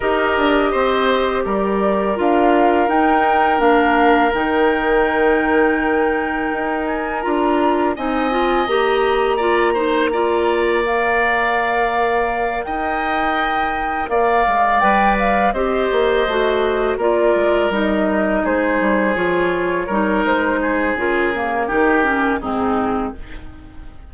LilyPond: <<
  \new Staff \with { instrumentName = "flute" } { \time 4/4 \tempo 4 = 83 dis''2 d''4 f''4 | g''4 f''4 g''2~ | g''4. gis''8 ais''4 gis''4 | ais''2. f''4~ |
f''4. g''2 f''8~ | f''8 g''8 f''8 dis''2 d''8~ | d''8 dis''4 c''4 cis''4. | c''4 ais'2 gis'4 | }
  \new Staff \with { instrumentName = "oboe" } { \time 4/4 ais'4 c''4 ais'2~ | ais'1~ | ais'2. dis''4~ | dis''4 d''8 c''8 d''2~ |
d''4. dis''2 d''8~ | d''4. c''2 ais'8~ | ais'4. gis'2 ais'8~ | ais'8 gis'4. g'4 dis'4 | }
  \new Staff \with { instrumentName = "clarinet" } { \time 4/4 g'2. f'4 | dis'4 d'4 dis'2~ | dis'2 f'4 dis'8 f'8 | g'4 f'8 dis'8 f'4 ais'4~ |
ais'1~ | ais'8 b'4 g'4 fis'4 f'8~ | f'8 dis'2 f'4 dis'8~ | dis'4 f'8 ais8 dis'8 cis'8 c'4 | }
  \new Staff \with { instrumentName = "bassoon" } { \time 4/4 dis'8 d'8 c'4 g4 d'4 | dis'4 ais4 dis2~ | dis4 dis'4 d'4 c'4 | ais1~ |
ais4. dis'2 ais8 | gis8 g4 c'8 ais8 a4 ais8 | gis8 g4 gis8 g8 f4 g8 | gis4 cis4 dis4 gis,4 | }
>>